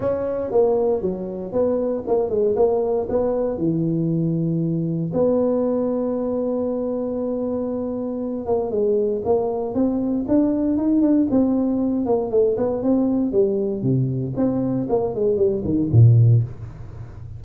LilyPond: \new Staff \with { instrumentName = "tuba" } { \time 4/4 \tempo 4 = 117 cis'4 ais4 fis4 b4 | ais8 gis8 ais4 b4 e4~ | e2 b2~ | b1~ |
b8 ais8 gis4 ais4 c'4 | d'4 dis'8 d'8 c'4. ais8 | a8 b8 c'4 g4 c4 | c'4 ais8 gis8 g8 dis8 ais,4 | }